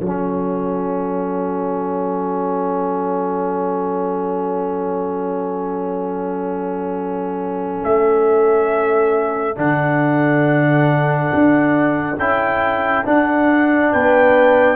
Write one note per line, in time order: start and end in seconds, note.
0.00 7.83 F#3
0.00 9.56 C#4
0.00 13.92 A4
0.00 7.83 F#5
7.84 9.57 A3
7.84 9.58 E5
9.56 11.31 D3
9.56 12.16 D4
9.56 12.19 F#5
11.34 12.17 D4
12.17 13.04 C#4
12.17 13.05 E4
12.17 13.06 G5
13.05 14.76 D4
13.05 13.94 D4
13.05 13.93 F#5
13.92 14.76 B3
13.92 14.76 B4
13.92 14.76 G5